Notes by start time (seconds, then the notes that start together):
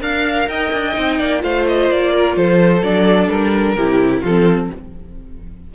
0.00 D4 A#4 F5
0.48 D#4 D#5 G5
0.72 D4
0.93 C4 D#4
1.18 A#3 D5
1.39 A3 F4 C5 F5
1.68 D#5
1.90 A#3 D5
2.12 A#4
2.36 F3 A4 C5
2.82 F#3 D4 D5
3.29 G3 A#4
3.76 C3 E4 G4
4.21 F3 F4 A4
4.27 C4